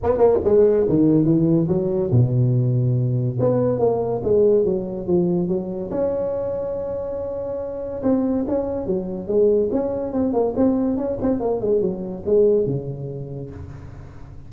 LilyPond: \new Staff \with { instrumentName = "tuba" } { \time 4/4 \tempo 4 = 142 b8 ais8 gis4 dis4 e4 | fis4 b,2. | b4 ais4 gis4 fis4 | f4 fis4 cis'2~ |
cis'2. c'4 | cis'4 fis4 gis4 cis'4 | c'8 ais8 c'4 cis'8 c'8 ais8 gis8 | fis4 gis4 cis2 | }